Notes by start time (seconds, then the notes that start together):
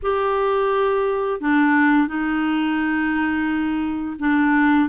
0.02 G4
1.40 D4
2.07 D#4
4.19 D4